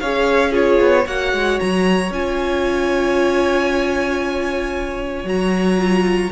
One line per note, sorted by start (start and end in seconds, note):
0.00 0.80 C#4
0.00 0.52 G#4
0.00 0.51 C#5
0.00 0.53 F5
0.51 1.05 F4
0.51 1.03 G#4
0.51 1.08 C#5
0.80 1.06 B3
1.05 1.33 A#3
1.05 2.12 F#4
1.05 6.32 C#5
1.05 1.60 F#5
1.33 1.59 G#3
1.60 2.11 F#3
1.60 2.12 A#5
2.11 5.24 C#4
2.11 5.25 F4
2.11 5.28 G#5
5.24 6.29 F#3
5.24 5.78 F#4
5.24 6.32 A#5
5.78 6.31 F4